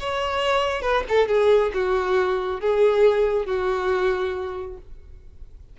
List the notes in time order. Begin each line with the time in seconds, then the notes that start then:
0.00 C#5
0.82 B4
1.09 A4
1.28 G#4
1.74 F#4
2.61 G#4
3.46 F#4